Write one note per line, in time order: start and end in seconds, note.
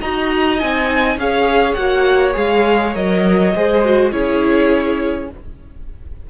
0.00 0.62 D#4
0.00 0.59 F#4
0.00 1.18 D#5
0.00 0.58 A#5
0.58 1.17 C4
0.58 1.18 D#4
0.58 1.17 G#5
1.17 1.76 C#4
1.17 1.77 G#4
1.17 3.56 C#5
1.17 1.74 F5
1.74 2.35 A#3
1.74 2.33 F#4
1.74 2.32 F#5
2.33 2.95 G#3
2.33 2.92 G#4
2.33 2.94 F5
2.94 3.54 F#3
2.94 3.53 A#4
2.94 4.12 D#5
3.54 4.12 G#3
3.54 3.84 G#4
3.54 4.12 C5
3.84 4.12 F#4
4.12 5.29 C#4
4.12 5.29 E4
4.12 5.30 G#4
4.12 5.30 C#5